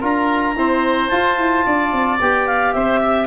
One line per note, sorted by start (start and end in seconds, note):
0.00 0.56 D4
0.00 0.55 F4
0.00 0.54 A#4
0.00 1.09 A#5
0.56 1.11 C4
0.56 1.10 E4
0.56 1.66 C5
1.09 2.19 F4
1.09 1.38 F4
1.09 2.17 A5
1.38 1.65 E4
1.66 1.93 D4
1.66 2.74 D5
1.93 2.20 C4
2.20 2.74 B3
2.20 3.27 G4
2.20 2.47 G5
2.47 2.73 F5
2.73 3.27 C4
2.73 3.01 C5
2.73 3.27 E5
3.01 3.27 E5